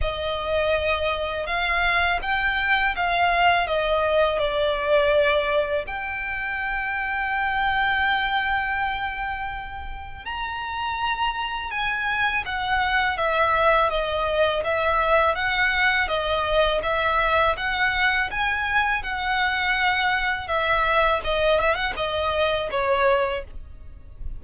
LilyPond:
\new Staff \with { instrumentName = "violin" } { \time 4/4 \tempo 4 = 82 dis''2 f''4 g''4 | f''4 dis''4 d''2 | g''1~ | g''2 ais''2 |
gis''4 fis''4 e''4 dis''4 | e''4 fis''4 dis''4 e''4 | fis''4 gis''4 fis''2 | e''4 dis''8 e''16 fis''16 dis''4 cis''4 | }